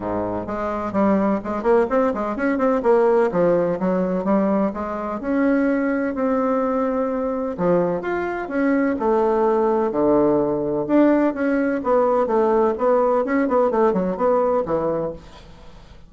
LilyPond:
\new Staff \with { instrumentName = "bassoon" } { \time 4/4 \tempo 4 = 127 gis,4 gis4 g4 gis8 ais8 | c'8 gis8 cis'8 c'8 ais4 f4 | fis4 g4 gis4 cis'4~ | cis'4 c'2. |
f4 f'4 cis'4 a4~ | a4 d2 d'4 | cis'4 b4 a4 b4 | cis'8 b8 a8 fis8 b4 e4 | }